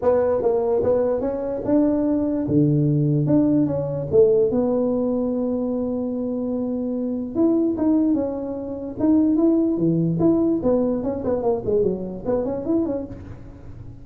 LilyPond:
\new Staff \with { instrumentName = "tuba" } { \time 4/4 \tempo 4 = 147 b4 ais4 b4 cis'4 | d'2 d2 | d'4 cis'4 a4 b4~ | b1~ |
b2 e'4 dis'4 | cis'2 dis'4 e'4 | e4 e'4 b4 cis'8 b8 | ais8 gis8 fis4 b8 cis'8 e'8 cis'8 | }